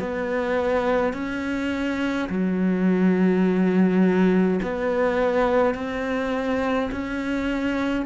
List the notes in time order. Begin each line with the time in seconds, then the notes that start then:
0.00 B3
1.14 C#4
2.30 F#3
4.63 B3
5.75 C4
6.92 C#4